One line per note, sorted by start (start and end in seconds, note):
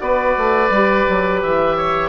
0.00 0.35 B3
0.00 0.70 F#4
0.00 1.76 B4
0.00 1.40 D5
0.37 0.70 A3
0.70 1.05 G3
0.70 2.09 G4
1.09 1.43 F#3
1.42 2.09 E3
1.42 2.09 E5
1.76 2.09 C#5